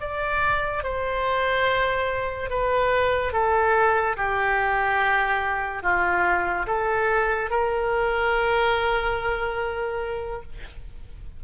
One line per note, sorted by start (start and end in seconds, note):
0.00 0.83 D5
0.83 2.50 C5
2.50 3.32 B4
3.32 4.16 A4
4.16 5.82 G4
5.82 6.66 F4
6.66 7.50 A4
7.50 10.42 A#4